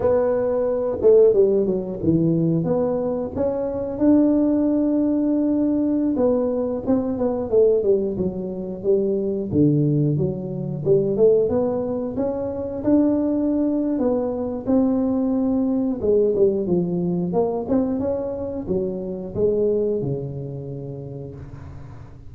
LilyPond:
\new Staff \with { instrumentName = "tuba" } { \time 4/4 \tempo 4 = 90 b4. a8 g8 fis8 e4 | b4 cis'4 d'2~ | d'4~ d'16 b4 c'8 b8 a8 g16~ | g16 fis4 g4 d4 fis8.~ |
fis16 g8 a8 b4 cis'4 d'8.~ | d'4 b4 c'2 | gis8 g8 f4 ais8 c'8 cis'4 | fis4 gis4 cis2 | }